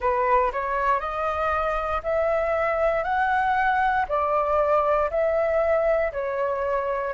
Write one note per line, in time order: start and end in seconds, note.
0.00 0.51 B4
0.52 0.99 C#5
0.99 2.01 D#5
2.03 3.03 E5
3.03 4.05 F#5
4.08 5.10 D5
5.10 6.12 E5
6.12 7.13 C#5